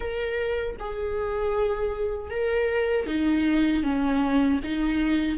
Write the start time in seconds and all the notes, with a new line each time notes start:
0.00 A#4
0.79 G#4
2.30 A#4
3.06 D#4
3.83 C#4
4.63 D#4